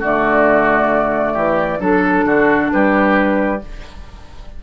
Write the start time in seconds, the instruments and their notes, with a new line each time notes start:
0.00 bassoon D3, clarinet A3, oboe F#4, flute D5
1.34 bassoon E3, oboe G4
1.80 bassoon F#3, clarinet D4, oboe A4, flute A4
2.25 bassoon D3, oboe F#4
2.72 bassoon G3, oboe G4, flute B4